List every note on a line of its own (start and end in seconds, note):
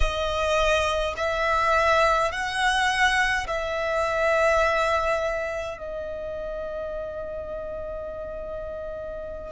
0.00 1.14 D#5
1.16 2.31 E5
2.31 3.46 F#5
3.47 5.77 E5
5.77 9.52 D#5